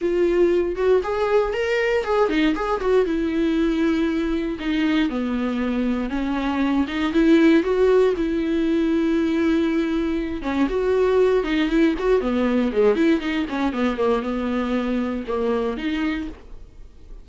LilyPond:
\new Staff \with { instrumentName = "viola" } { \time 4/4 \tempo 4 = 118 f'4. fis'8 gis'4 ais'4 | gis'8 dis'8 gis'8 fis'8 e'2~ | e'4 dis'4 b2 | cis'4. dis'8 e'4 fis'4 |
e'1~ | e'8 cis'8 fis'4. dis'8 e'8 fis'8 | b4 gis8 e'8 dis'8 cis'8 b8 ais8 | b2 ais4 dis'4 | }